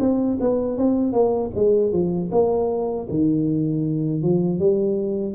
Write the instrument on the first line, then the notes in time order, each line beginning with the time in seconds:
tuba
0.00 C4
0.40 B3
0.78 C4
1.13 A#3
1.55 G#3
1.93 F3
2.32 A#3
3.10 D#3
4.23 F3
4.59 G3